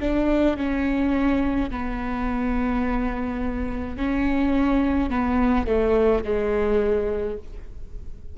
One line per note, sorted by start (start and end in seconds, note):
0.00 0.57 D4
0.57 1.70 C#4
1.70 3.97 B3
3.97 5.10 C#4
5.10 5.67 B3
5.67 6.24 A3
6.24 7.37 G#3